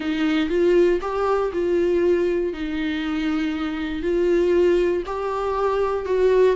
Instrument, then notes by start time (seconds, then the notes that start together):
viola
0.00 D#4
0.49 F4
1.01 G4
1.52 F4
2.53 D#4
4.02 F4
5.06 G4
6.05 F#4